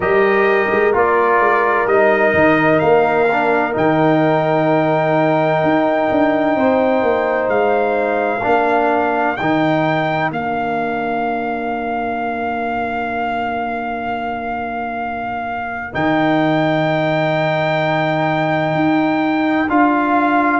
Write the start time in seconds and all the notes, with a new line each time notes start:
0.00 G3 G4 A#4 D#5
0.71 G#3
0.93 A#3 F4 D5
1.39 G#3
1.86 G3 D#4 D#5
2.33 D#3
2.79 A#3 F5
3.31 D4
3.72 D#3 D#4 G5
5.63 D#4
6.11 D4
6.55 C4 C5
7.02 A#3
7.48 G#3 F5
8.42 A#3 D4 A#4
9.36 D#3 D#4 G5
10.30 A#3 D4 F5
15.93 D#3 D#4 G5
18.74 D#4
19.69 D4 F4 F5